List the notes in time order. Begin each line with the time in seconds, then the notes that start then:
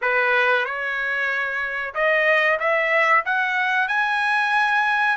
0.01 B4
0.65 C#5
1.94 D#5
2.59 E5
3.25 F#5
3.87 G#5